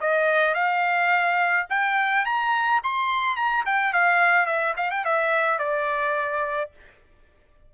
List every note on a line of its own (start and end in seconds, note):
0.00 0.54 D#5
0.54 1.66 F5
1.69 2.25 G5
2.25 2.81 A#5
2.83 3.36 C6
3.36 3.64 A#5
3.65 3.93 G5
3.93 4.45 F5
4.45 4.73 E5
4.76 4.90 F5
4.90 5.04 G5
5.04 5.58 E5
5.58 6.70 D5